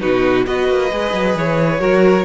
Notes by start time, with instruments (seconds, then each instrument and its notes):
0.00 cello B2, viola D#4, violin F#4 B4
0.45 cello B3, viola F#4, violin B4 D#5
0.69 cello A#3
0.92 cello G#3, viola G#4
1.13 cello F#3
1.36 cello E3, violin C#5
1.79 cello F#3, viola F#4, violin A#4